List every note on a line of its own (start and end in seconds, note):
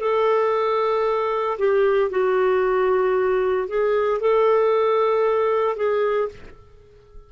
0.00 1.58 A4
1.59 2.11 G4
2.11 3.68 F#4
3.68 4.21 G#4
4.21 5.77 A4
5.77 6.29 G#4